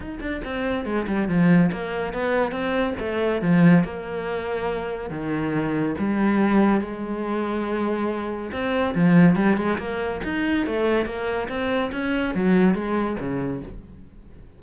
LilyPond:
\new Staff \with { instrumentName = "cello" } { \time 4/4 \tempo 4 = 141 dis'8 d'8 c'4 gis8 g8 f4 | ais4 b4 c'4 a4 | f4 ais2. | dis2 g2 |
gis1 | c'4 f4 g8 gis8 ais4 | dis'4 a4 ais4 c'4 | cis'4 fis4 gis4 cis4 | }